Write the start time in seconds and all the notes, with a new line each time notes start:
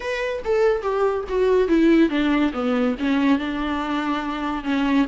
0.00 B4
0.44 A4
0.82 G4
1.28 F#4
1.68 E4
2.09 D4
2.53 B3
2.99 C#4
3.38 D4
4.63 C#4